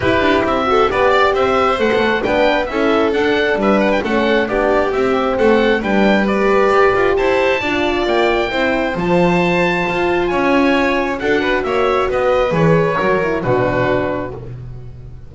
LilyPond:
<<
  \new Staff \with { instrumentName = "oboe" } { \time 4/4 \tempo 4 = 134 b'4 e''4 d''4 e''4 | fis''4 g''4 e''4 fis''4 | e''8 fis''16 g''16 fis''4 d''4 e''4 | fis''4 g''4 d''2 |
a''2 g''2 | a''2. gis''4~ | gis''4 fis''4 e''4 dis''4 | cis''2 b'2 | }
  \new Staff \with { instrumentName = "violin" } { \time 4/4 g'4. a'8 b'8 d''8 c''4~ | c''4 b'4 a'2 | b'4 a'4 g'2 | a'4 b'2. |
c''4 d''2 c''4~ | c''2. cis''4~ | cis''4 a'8 b'8 cis''4 b'4~ | b'4 ais'4 fis'2 | }
  \new Staff \with { instrumentName = "horn" } { \time 4/4 e'4. fis'8 g'2 | a'4 d'4 e'4 d'4~ | d'4 cis'4 d'4 c'4~ | c'4 d'4 g'2~ |
g'4 f'2 e'4 | f'1~ | f'4 fis'2. | gis'4 fis'8 e'8 d'2 | }
  \new Staff \with { instrumentName = "double bass" } { \time 4/4 e'8 d'8 c'4 b4 c'4 | a16 b16 a8 b4 cis'4 d'4 | g4 a4 b4 c'4 | a4 g2 g'8 f'8 |
e'4 d'4 ais4 c'4 | f2 f'4 cis'4~ | cis'4 d'4 ais4 b4 | e4 fis4 b,2 | }
>>